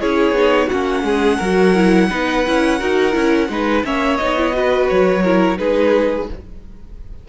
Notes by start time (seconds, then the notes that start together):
0.00 C#4 E4 G#4 C#5
0.32 B3 D#4
0.67 A#3 C#4 F#4 F#5
1.03 G#3 G#4
1.38 F#3 F#4 A#4
1.76 E4
2.10 B3 D#4 B4
2.47 C#4 E4
2.79 D#4 F#4 A#4
3.13 C#4 E4
3.49 G#3 D#4 B4
3.84 A#3 C#4 C#5 E5
4.17 B3 D#4 D#5
4.37 E4
4.53 F#4 B4
4.89 F#3 C#5
5.23 E4 A#4
5.58 G#3 D#4 G#4 B4